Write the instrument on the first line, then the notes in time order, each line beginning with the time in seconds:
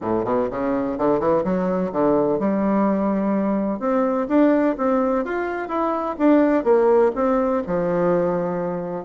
bassoon
0.01 A2
0.24 B2
0.50 C#3
0.97 D3
1.19 E3
1.44 F#3
1.92 D3
2.39 G3
3.79 C4
4.28 D4
4.77 C4
5.24 F4
5.68 E4
6.18 D4
6.64 A#3
7.15 C4
7.67 F3